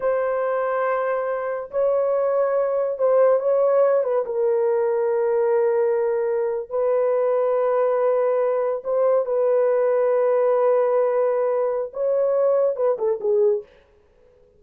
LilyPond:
\new Staff \with { instrumentName = "horn" } { \time 4/4 \tempo 4 = 141 c''1 | cis''2. c''4 | cis''4. b'8 ais'2~ | ais'2.~ ais'8. b'16~ |
b'1~ | b'8. c''4 b'2~ b'16~ | b'1 | cis''2 b'8 a'8 gis'4 | }